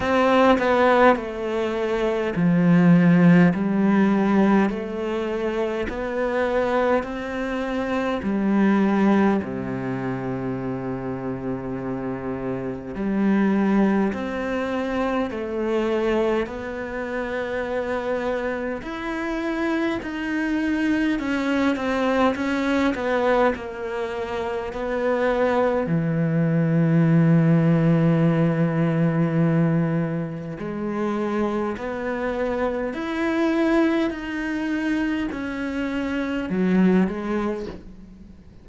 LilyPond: \new Staff \with { instrumentName = "cello" } { \time 4/4 \tempo 4 = 51 c'8 b8 a4 f4 g4 | a4 b4 c'4 g4 | c2. g4 | c'4 a4 b2 |
e'4 dis'4 cis'8 c'8 cis'8 b8 | ais4 b4 e2~ | e2 gis4 b4 | e'4 dis'4 cis'4 fis8 gis8 | }